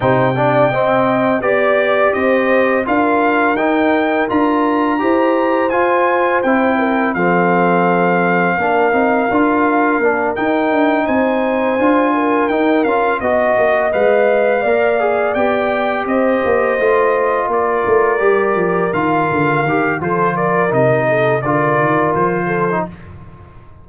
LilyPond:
<<
  \new Staff \with { instrumentName = "trumpet" } { \time 4/4 \tempo 4 = 84 g''2 d''4 dis''4 | f''4 g''4 ais''2 | gis''4 g''4 f''2~ | f''2~ f''8 g''4 gis''8~ |
gis''4. g''8 f''8 dis''4 f''8~ | f''4. g''4 dis''4.~ | dis''8 d''2 f''4. | c''8 d''8 dis''4 d''4 c''4 | }
  \new Staff \with { instrumentName = "horn" } { \time 4/4 c''8 d''8 dis''4 d''4 c''4 | ais'2. c''4~ | c''4. ais'8 a'2 | ais'2.~ ais'8 c''8~ |
c''4 ais'4. dis''4.~ | dis''8 d''2 c''4.~ | c''8 ais'2.~ ais'8 | a'8 ais'4 a'8 ais'4. a'8 | }
  \new Staff \with { instrumentName = "trombone" } { \time 4/4 dis'8 d'8 c'4 g'2 | f'4 dis'4 f'4 g'4 | f'4 e'4 c'2 | d'8 dis'8 f'4 d'8 dis'4.~ |
dis'8 f'4 dis'8 f'8 fis'4 b'8~ | b'8 ais'8 gis'8 g'2 f'8~ | f'4. g'4 f'4 g'8 | f'4 dis'4 f'4.~ f'16 dis'16 | }
  \new Staff \with { instrumentName = "tuba" } { \time 4/4 c4 c'4 b4 c'4 | d'4 dis'4 d'4 e'4 | f'4 c'4 f2 | ais8 c'8 d'4 ais8 dis'8 d'8 c'8~ |
c'8 d'4 dis'8 cis'8 b8 ais8 gis8~ | gis8 ais4 b4 c'8 ais8 a8~ | a8 ais8 a8 g8 f8 dis8 d8 dis8 | f4 c4 d8 dis8 f4 | }
>>